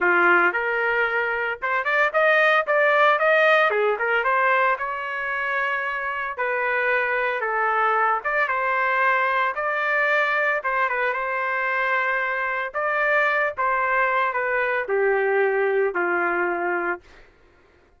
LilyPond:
\new Staff \with { instrumentName = "trumpet" } { \time 4/4 \tempo 4 = 113 f'4 ais'2 c''8 d''8 | dis''4 d''4 dis''4 gis'8 ais'8 | c''4 cis''2. | b'2 a'4. d''8 |
c''2 d''2 | c''8 b'8 c''2. | d''4. c''4. b'4 | g'2 f'2 | }